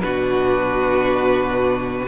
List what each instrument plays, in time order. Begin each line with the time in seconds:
0.00 cello B2, viola D4, violin F#4 B4